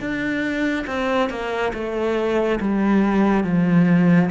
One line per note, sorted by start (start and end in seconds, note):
0.00 0.86 D4
0.87 1.30 C4
1.30 1.73 A#3
1.74 2.59 A3
2.61 3.44 G3
3.44 4.30 F3